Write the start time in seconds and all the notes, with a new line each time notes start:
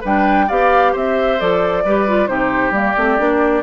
0.00 G3 D4 B4 G5
0.47 B3 G4 D5 F5
0.92 C4 C5 E5
1.38 F3 A4 D5
1.84 G3 G4 B4
2.07 F4
2.27 C3 D#4 G4 C5
2.70 G3 A#3 D5
2.97 A3 C4
3.18 A#3 D4